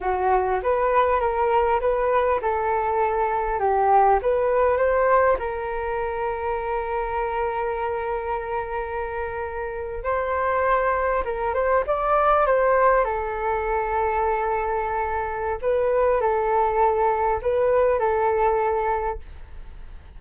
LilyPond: \new Staff \with { instrumentName = "flute" } { \time 4/4 \tempo 4 = 100 fis'4 b'4 ais'4 b'4 | a'2 g'4 b'4 | c''4 ais'2.~ | ais'1~ |
ais'8. c''2 ais'8 c''8 d''16~ | d''8. c''4 a'2~ a'16~ | a'2 b'4 a'4~ | a'4 b'4 a'2 | }